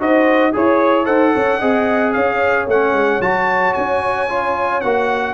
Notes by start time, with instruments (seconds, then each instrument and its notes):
0.00 tuba D#4, trombone F#4, horn C5, trumpet D#5
0.53 tuba E4, trombone G#4, horn C#5, trumpet C#5
1.05 tuba D#4, trombone A4, horn C5, trumpet F#5
1.34 tuba C#4, horn C#5
1.59 tuba C4, trombone G#4, horn D#5
2.13 tuba C#4, horn C#5, trumpet F5
2.67 tuba A3, trombone C#4, trumpet F#5
2.93 tuba G#3
3.21 tuba F#3, trombone F#4, trumpet A5
3.74 tuba C#4, trumpet G#5
4.29 trombone F4
4.81 tuba A#3, trombone F#4, trumpet F#5